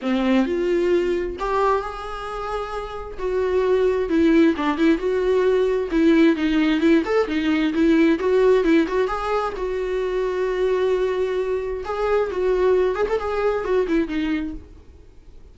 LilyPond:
\new Staff \with { instrumentName = "viola" } { \time 4/4 \tempo 4 = 132 c'4 f'2 g'4 | gis'2. fis'4~ | fis'4 e'4 d'8 e'8 fis'4~ | fis'4 e'4 dis'4 e'8 a'8 |
dis'4 e'4 fis'4 e'8 fis'8 | gis'4 fis'2.~ | fis'2 gis'4 fis'4~ | fis'8 gis'16 a'16 gis'4 fis'8 e'8 dis'4 | }